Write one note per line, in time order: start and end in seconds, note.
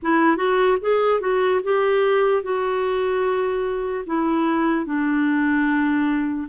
0.02 0.36 E4
0.36 0.77 F#4
0.81 1.20 G#4
1.20 1.60 F#4
1.63 2.43 G4
2.43 4.05 F#4
4.06 4.85 E4
4.85 6.48 D4